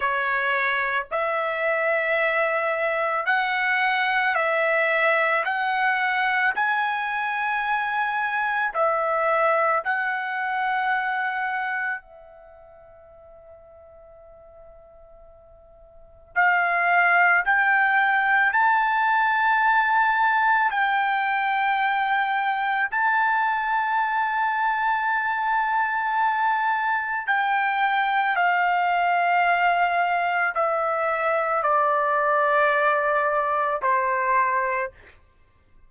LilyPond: \new Staff \with { instrumentName = "trumpet" } { \time 4/4 \tempo 4 = 55 cis''4 e''2 fis''4 | e''4 fis''4 gis''2 | e''4 fis''2 e''4~ | e''2. f''4 |
g''4 a''2 g''4~ | g''4 a''2.~ | a''4 g''4 f''2 | e''4 d''2 c''4 | }